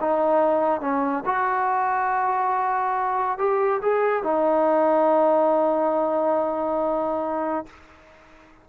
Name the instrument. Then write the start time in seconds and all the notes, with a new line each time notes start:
trombone
0.00 D#4
0.81 C#4
1.25 F#4
3.38 G4
3.82 G#4
4.24 D#4